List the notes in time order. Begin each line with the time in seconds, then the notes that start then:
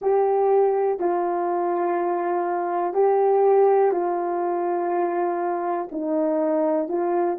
0.01 G4
0.99 F4
2.93 G4
3.91 F4
5.91 D#4
6.88 F4